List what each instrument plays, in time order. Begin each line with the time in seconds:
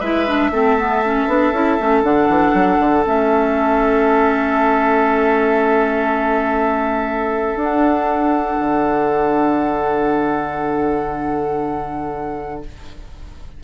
0.00 bassoon G#3, clarinet E4, oboe B4, flute E5
0.27 clarinet D4
0.50 bassoon A3, clarinet C4, oboe A4
0.78 clarinet B3
1.05 clarinet C#4
1.27 bassoon B3, clarinet D4
1.52 bassoon C#4, clarinet E4
1.79 bassoon A3, clarinet C#4
2.03 bassoon D3, clarinet D4, flute F#5
2.29 bassoon E3
2.54 bassoon F#3
2.79 bassoon D3
3.06 bassoon A3, clarinet C#4, flute E5
7.55 bassoon D4, clarinet D4, flute F#5
8.60 bassoon D3